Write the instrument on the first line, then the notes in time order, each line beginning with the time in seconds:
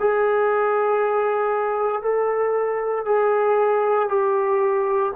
trombone
0.00 G#4
2.02 A4
3.05 G#4
4.09 G4